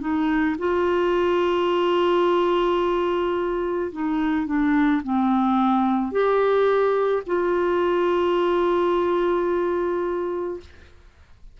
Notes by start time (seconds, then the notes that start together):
0.00 D#4
0.58 F4
3.91 D#4
4.46 D4
5.03 C4
6.11 G4
7.26 F4